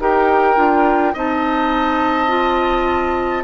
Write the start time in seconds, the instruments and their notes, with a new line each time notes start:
0.00 bassoon D#4, clarinet G4, oboe A#4, flute G5
0.56 bassoon D4, clarinet F4
1.13 bassoon C4, clarinet D#4, oboe D#5, flute A5
2.28 clarinet F4